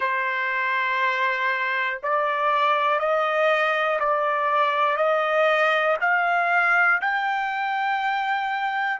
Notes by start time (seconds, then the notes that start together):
0.00 C5
2.02 D5
2.99 D#5
4.00 D5
4.96 D#5
6.00 F5
7.01 G5